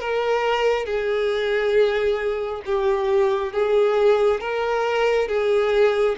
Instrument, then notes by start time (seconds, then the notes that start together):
violin
0.00 A#4
0.86 G#4
2.66 G4
3.53 G#4
4.41 A#4
5.28 G#4